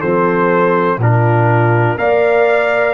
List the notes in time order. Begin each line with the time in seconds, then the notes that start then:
0.00 F3 C4 A4 C5
0.98 A#2 D4 F4 A#4
1.98 A#3 A#4 D5 F5